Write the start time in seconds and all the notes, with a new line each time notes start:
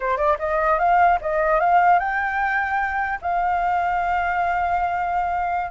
0.00 C5
0.17 D5
0.38 D#5
0.79 F5
1.21 D#5
1.59 F5
1.99 G5
3.21 F5